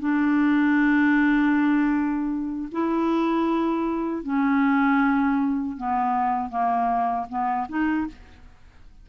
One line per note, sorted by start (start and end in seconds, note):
0.00 2.69 D4
2.72 4.23 E4
4.23 5.77 C#4
5.77 6.49 B3
6.49 7.26 A#3
7.29 7.67 B3
7.69 8.07 D#4